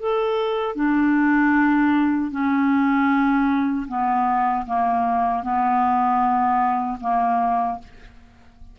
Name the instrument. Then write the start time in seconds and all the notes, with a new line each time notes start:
clarinet
0.00 A4
0.76 D4
2.31 C#4
3.88 B3
4.66 A#3
5.44 B3
7.01 A#3